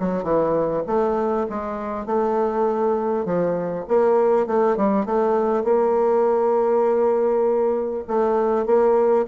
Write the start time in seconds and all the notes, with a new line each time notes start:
0.00 F#3
0.23 E3
0.87 A3
1.50 G#3
2.06 A3
3.26 F3
3.88 A#3
4.47 A3
4.77 G3
5.06 A3
5.65 A#3
8.08 A3
8.66 A#3